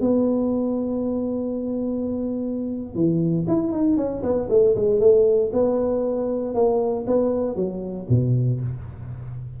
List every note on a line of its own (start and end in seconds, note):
0.00 2.94 B3
2.94 3.46 E3
3.47 3.72 E4
3.72 3.96 D#4
3.96 4.22 C#4
4.22 4.48 B3
4.49 4.75 A3
4.75 5.00 G#3
5.00 5.51 A3
5.52 6.54 B3
6.54 7.05 A#3
7.06 7.55 B3
7.55 8.07 F#3
8.09 8.60 B2